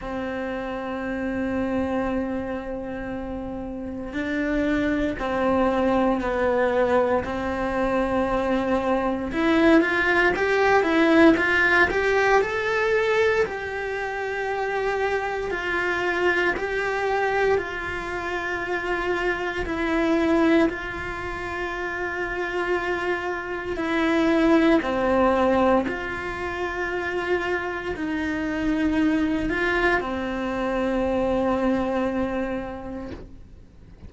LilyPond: \new Staff \with { instrumentName = "cello" } { \time 4/4 \tempo 4 = 58 c'1 | d'4 c'4 b4 c'4~ | c'4 e'8 f'8 g'8 e'8 f'8 g'8 | a'4 g'2 f'4 |
g'4 f'2 e'4 | f'2. e'4 | c'4 f'2 dis'4~ | dis'8 f'8 c'2. | }